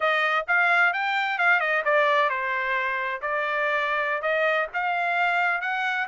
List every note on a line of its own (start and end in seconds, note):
0.00 0.46 D#5
0.47 0.93 F5
0.93 1.38 G5
1.38 1.59 F5
1.59 1.82 D#5
1.84 2.29 D5
2.29 3.21 C5
3.21 4.21 D5
4.21 4.67 D#5
4.73 5.61 F5
5.61 6.07 F#5